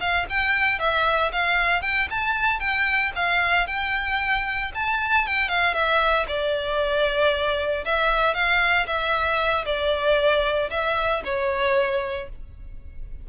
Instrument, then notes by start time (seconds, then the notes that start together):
violin
0.00 F5
0.29 G5
0.79 E5
1.32 F5
1.82 G5
2.10 A5
2.60 G5
3.15 F5
3.67 G5
4.74 A5
5.26 G5
5.49 F5
5.73 E5
6.28 D5
7.85 E5
8.34 F5
8.86 E5
9.65 D5
10.70 E5
11.24 C#5